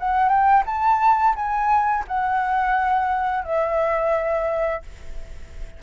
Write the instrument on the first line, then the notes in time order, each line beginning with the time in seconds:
flute
0.00 F#5
0.29 G5
0.66 A5
1.36 G#5
2.08 F#5
3.45 E5